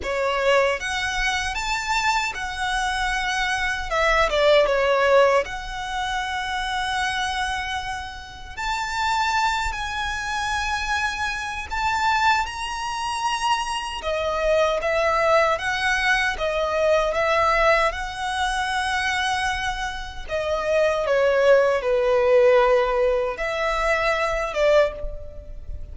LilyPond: \new Staff \with { instrumentName = "violin" } { \time 4/4 \tempo 4 = 77 cis''4 fis''4 a''4 fis''4~ | fis''4 e''8 d''8 cis''4 fis''4~ | fis''2. a''4~ | a''8 gis''2~ gis''8 a''4 |
ais''2 dis''4 e''4 | fis''4 dis''4 e''4 fis''4~ | fis''2 dis''4 cis''4 | b'2 e''4. d''8 | }